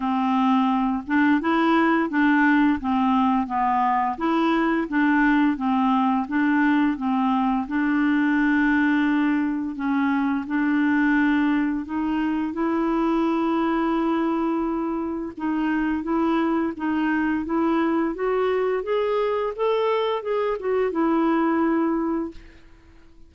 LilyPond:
\new Staff \with { instrumentName = "clarinet" } { \time 4/4 \tempo 4 = 86 c'4. d'8 e'4 d'4 | c'4 b4 e'4 d'4 | c'4 d'4 c'4 d'4~ | d'2 cis'4 d'4~ |
d'4 dis'4 e'2~ | e'2 dis'4 e'4 | dis'4 e'4 fis'4 gis'4 | a'4 gis'8 fis'8 e'2 | }